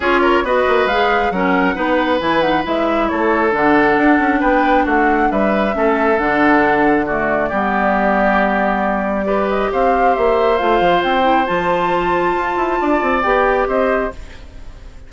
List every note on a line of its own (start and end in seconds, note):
0.00 0.42 C#4
0.00 0.45 F4
0.00 0.21 G#4
0.00 0.45 C#5
0.21 0.43 A#4
0.42 0.64 B3
0.42 0.89 F#4
0.42 1.32 B4
0.42 0.87 D#5
0.68 0.85 A#3
0.85 1.29 G#3
0.85 1.33 G#4
0.85 1.31 F5
1.30 1.74 F#3
1.30 1.75 C#4
1.30 1.75 A#4
1.30 2.19 F#5
1.75 2.20 B3
1.75 2.19 D#4
1.75 3.07 B4
2.19 2.64 E3
2.19 2.41 E4
2.19 2.41 G#5
2.41 2.63 D#4
2.41 2.63 F#5
2.63 3.10 G#3
2.63 3.51 E4
2.63 3.08 E5
3.08 3.53 A3
3.08 4.40 A4
3.08 3.52 C#5
3.51 3.97 D3
3.51 5.71 D4
3.51 4.41 F#5
3.97 4.19 D4
4.19 4.41 C#4
4.40 4.85 B3
4.40 4.84 B4
4.40 4.85 G5
4.84 5.29 A3
4.84 5.28 F#4
4.84 5.31 F#5
5.31 5.75 G3
5.31 5.75 B4
5.31 6.18 E5
5.72 6.19 A3
5.72 6.16 C#4
5.72 7.05 A4
6.18 7.51 D3
6.18 7.07 D4
6.18 7.06 F#5
7.05 7.52 A3
7.05 7.49 F#4
7.05 9.49 D5
7.49 9.72 G3
7.49 9.24 B3
7.49 9.25 G4
9.24 10.56 G4
9.24 9.70 B4
9.49 9.71 D#5
9.71 10.16 C4
9.71 12.80 C5
9.71 10.14 F5
10.14 10.60 A#3
10.14 10.57 E5
10.57 10.80 A3
10.57 11.22 F4
10.57 11.01 F5
10.80 11.02 F3
11.02 11.47 C4
11.02 11.46 G5
11.22 11.44 E4
11.46 12.36 F3
11.46 13.22 F4
11.46 13.22 A5
12.36 12.56 F4
12.56 12.78 E4
12.80 13.02 D4
12.80 13.68 D5
13.02 13.24 C4
13.22 13.66 B3
13.22 14.11 G4
13.22 13.66 G5
13.66 14.10 C4
13.66 14.12 C5
13.66 14.12 D#5